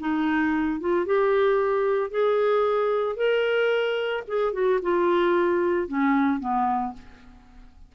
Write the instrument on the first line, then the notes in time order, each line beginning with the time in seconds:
clarinet
0.00 D#4
0.80 F4
1.06 G4
2.11 G#4
3.16 A#4
4.28 G#4
4.53 F#4
4.82 F4
5.88 C#4
6.40 B3